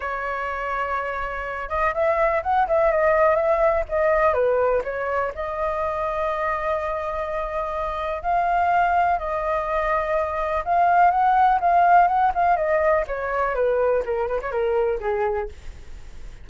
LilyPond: \new Staff \with { instrumentName = "flute" } { \time 4/4 \tempo 4 = 124 cis''2.~ cis''8 dis''8 | e''4 fis''8 e''8 dis''4 e''4 | dis''4 b'4 cis''4 dis''4~ | dis''1~ |
dis''4 f''2 dis''4~ | dis''2 f''4 fis''4 | f''4 fis''8 f''8 dis''4 cis''4 | b'4 ais'8 b'16 cis''16 ais'4 gis'4 | }